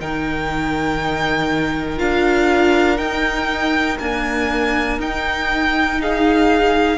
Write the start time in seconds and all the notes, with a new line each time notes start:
0.00 D#3 D#4 A#4 G5
1.97 D4 F4 F5
2.97 D#4 G5
3.99 A#3 D4 G#5
4.99 D#4 G5
6.01 G#4 F5